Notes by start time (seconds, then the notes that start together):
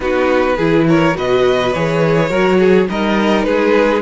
0.00 B3 D#4 F#4 B4
0.56 E3 E4 G#4
0.88 A#4 C#5
1.14 B2 F#4 B4 D#5
1.72 E3 G#4 C#5
2.29 F#3 F#4 A#4
2.59 G#4
2.89 G3 D#4 A#4 D#5
3.43 G#3 G#4 B4